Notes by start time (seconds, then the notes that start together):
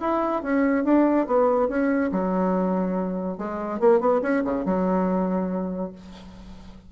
0.00 E4
0.42 C#4
0.84 D4
1.26 B3
1.68 C#4
2.11 F#3
3.37 G#3
3.80 A#3
4.00 B3
4.22 C#4
4.44 C#3
4.65 F#3